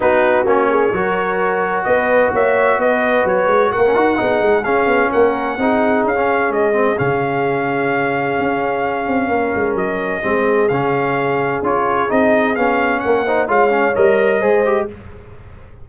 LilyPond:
<<
  \new Staff \with { instrumentName = "trumpet" } { \time 4/4 \tempo 4 = 129 b'4 cis''2. | dis''4 e''4 dis''4 cis''4 | fis''2 f''4 fis''4~ | fis''4 f''4 dis''4 f''4~ |
f''1~ | f''4 dis''2 f''4~ | f''4 cis''4 dis''4 f''4 | fis''4 f''4 dis''2 | }
  \new Staff \with { instrumentName = "horn" } { \time 4/4 fis'4. gis'8 ais'2 | b'4 cis''4 b'2 | ais'4 gis'2 ais'4 | gis'1~ |
gis'1 | ais'2 gis'2~ | gis'1 | ais'8 c''8 cis''2 c''4 | }
  \new Staff \with { instrumentName = "trombone" } { \time 4/4 dis'4 cis'4 fis'2~ | fis'1~ | fis'16 cis'16 fis'8 dis'4 cis'2 | dis'4~ dis'16 cis'4~ cis'16 c'8 cis'4~ |
cis'1~ | cis'2 c'4 cis'4~ | cis'4 f'4 dis'4 cis'4~ | cis'8 dis'8 f'8 cis'8 ais'4 gis'8 g'8 | }
  \new Staff \with { instrumentName = "tuba" } { \time 4/4 b4 ais4 fis2 | b4 ais4 b4 fis8 gis8 | ais8 dis'8 b8 gis8 cis'8 b8 ais4 | c'4 cis'4 gis4 cis4~ |
cis2 cis'4. c'8 | ais8 gis8 fis4 gis4 cis4~ | cis4 cis'4 c'4 b4 | ais4 gis4 g4 gis4 | }
>>